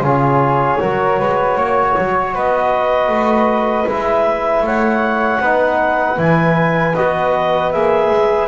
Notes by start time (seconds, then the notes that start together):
0.00 C#3 F4 G#4 C#5
0.79 F#3 F#4 A#4
1.19 G#3 B4
1.56 A#3 C#5
1.98 F#3
2.34 B3 B4 D#5
3.08 A3
3.87 G#3 E4 E5
4.61 A3 C#5 F#5
5.40 B3 D#4 B4
6.17 E3 E4 G#5
6.95 B3 F#4 D#5
7.71 A#3 G#4 E5
8.10 G#3